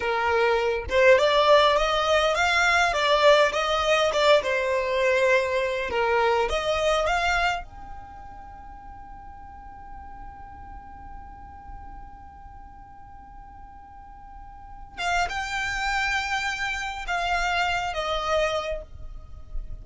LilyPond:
\new Staff \with { instrumentName = "violin" } { \time 4/4 \tempo 4 = 102 ais'4. c''8 d''4 dis''4 | f''4 d''4 dis''4 d''8 c''8~ | c''2 ais'4 dis''4 | f''4 g''2.~ |
g''1~ | g''1~ | g''4. f''8 g''2~ | g''4 f''4. dis''4. | }